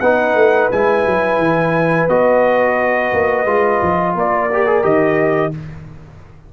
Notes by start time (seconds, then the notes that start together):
0.00 B3 D#4 B4 F#5
0.35 A3
0.71 G#3 E4 G#5
1.05 F#3
1.38 E3
2.08 B3 F#4 D#5
3.13 A#3
3.45 G#3 F4
3.82 F3
4.15 A#3 A#4 D5
4.53 G4
4.66 G#4
4.82 D#3 G4 D#5